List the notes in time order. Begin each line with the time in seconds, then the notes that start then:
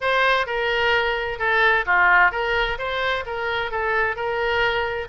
0.00 C5
0.46 A#4
1.38 A4
1.85 F4
2.31 A#4
2.78 C5
3.26 A#4
3.71 A4
4.15 A#4